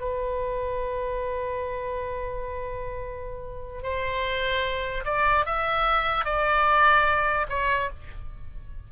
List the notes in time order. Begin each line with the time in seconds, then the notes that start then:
0.00 B4
3.83 C5
5.05 D5
5.45 E5
6.24 D5
7.49 C#5